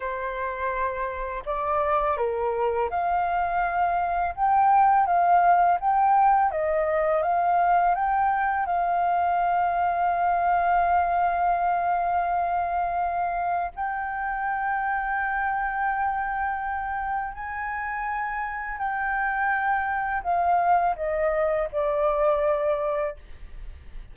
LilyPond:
\new Staff \with { instrumentName = "flute" } { \time 4/4 \tempo 4 = 83 c''2 d''4 ais'4 | f''2 g''4 f''4 | g''4 dis''4 f''4 g''4 | f''1~ |
f''2. g''4~ | g''1 | gis''2 g''2 | f''4 dis''4 d''2 | }